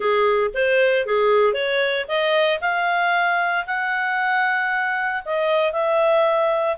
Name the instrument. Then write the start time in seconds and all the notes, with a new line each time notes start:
clarinet
0.00 G#4
0.54 C5
1.06 G#4
1.53 C#5
2.08 D#5
2.61 F5
3.66 F#5
5.25 D#5
5.72 E5